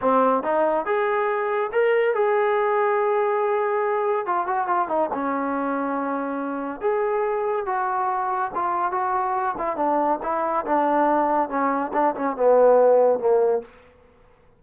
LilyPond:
\new Staff \with { instrumentName = "trombone" } { \time 4/4 \tempo 4 = 141 c'4 dis'4 gis'2 | ais'4 gis'2.~ | gis'2 f'8 fis'8 f'8 dis'8 | cis'1 |
gis'2 fis'2 | f'4 fis'4. e'8 d'4 | e'4 d'2 cis'4 | d'8 cis'8 b2 ais4 | }